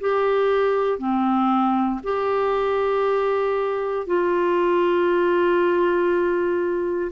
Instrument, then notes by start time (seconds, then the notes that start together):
clarinet
0.00 G4
0.98 C4
2.03 G4
4.06 F4